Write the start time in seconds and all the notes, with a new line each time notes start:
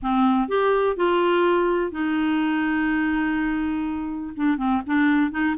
0.02 C4
0.48 G4
0.96 F4
1.91 D#4
4.36 D4
4.57 C4
4.86 D4
5.31 D#4